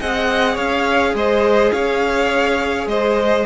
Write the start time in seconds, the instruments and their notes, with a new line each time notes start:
0.00 cello C4, viola G#4, violin D#5 F#5
0.54 cello C#4, violin C#5 F5
1.14 cello G#3, violin C5 D#5
1.72 cello C#4, violin C#5 F5
2.86 cello G#3, violin C5 D#5